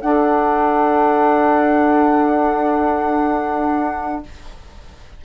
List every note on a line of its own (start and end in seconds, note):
0.00 4.23 D4
0.00 4.24 D4
0.00 4.24 A4
0.00 4.23 F#5